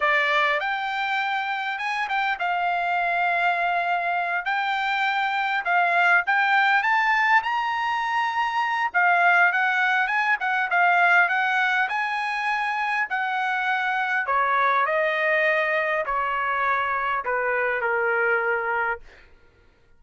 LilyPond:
\new Staff \with { instrumentName = "trumpet" } { \time 4/4 \tempo 4 = 101 d''4 g''2 gis''8 g''8 | f''2.~ f''8 g''8~ | g''4. f''4 g''4 a''8~ | a''8 ais''2~ ais''8 f''4 |
fis''4 gis''8 fis''8 f''4 fis''4 | gis''2 fis''2 | cis''4 dis''2 cis''4~ | cis''4 b'4 ais'2 | }